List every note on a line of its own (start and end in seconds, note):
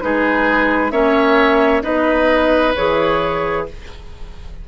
0.00 0.91 G#3
0.00 0.91 D#4
0.00 0.92 G#4
0.00 0.91 B4
0.91 1.82 A#3
0.91 1.82 C#4
0.91 1.83 C#5
0.91 1.82 E5
1.82 2.75 B3
1.82 2.73 D#4
1.82 3.65 B4
1.82 2.73 D#5
2.75 3.68 E3
2.75 3.67 G#4
2.75 3.66 C#5